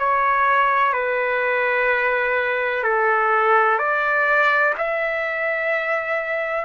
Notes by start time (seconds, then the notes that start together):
0.00 C#5
0.94 B4
2.84 A4
3.79 D5
4.78 E5